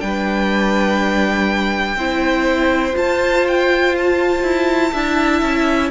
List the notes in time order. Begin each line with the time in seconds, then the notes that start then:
0.00 G3 D4 B4 G5
1.96 C4 E4 C5
2.93 F4 A5
3.48 G5
3.98 A5
4.43 E4
4.92 D4 E4 E5
5.42 C#4